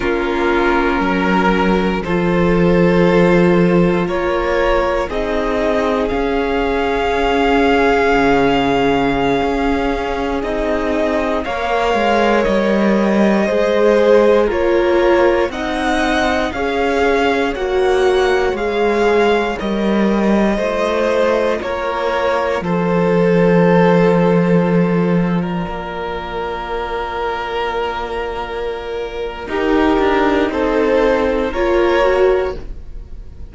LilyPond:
<<
  \new Staff \with { instrumentName = "violin" } { \time 4/4 \tempo 4 = 59 ais'2 c''2 | cis''4 dis''4 f''2~ | f''2~ f''16 dis''4 f''8.~ | f''16 dis''2 cis''4 fis''8.~ |
fis''16 f''4 fis''4 f''4 dis''8.~ | dis''4~ dis''16 cis''4 c''4.~ c''16~ | c''4 d''2.~ | d''4 ais'4 c''4 cis''4 | }
  \new Staff \with { instrumentName = "violin" } { \time 4/4 f'4 ais'4 a'2 | ais'4 gis'2.~ | gis'2.~ gis'16 cis''8.~ | cis''4~ cis''16 c''4 ais'4 dis''8.~ |
dis''16 cis''2.~ cis''8.~ | cis''16 c''4 ais'4 a'4.~ a'16~ | a'4 ais'2.~ | ais'4 g'4 a'4 ais'4 | }
  \new Staff \with { instrumentName = "viola" } { \time 4/4 cis'2 f'2~ | f'4 dis'4 cis'2~ | cis'2~ cis'16 dis'4 ais'8.~ | ais'4~ ais'16 gis'4 f'4 dis'8.~ |
dis'16 gis'4 fis'4 gis'4 ais'8.~ | ais'16 f'2.~ f'8.~ | f'1~ | f'4 dis'2 f'8 fis'8 | }
  \new Staff \with { instrumentName = "cello" } { \time 4/4 ais4 fis4 f2 | ais4 c'4 cis'2 | cis4~ cis16 cis'4 c'4 ais8 gis16~ | gis16 g4 gis4 ais4 c'8.~ |
c'16 cis'4 ais4 gis4 g8.~ | g16 a4 ais4 f4.~ f16~ | f4~ f16 ais2~ ais8.~ | ais4 dis'8 d'8 c'4 ais4 | }
>>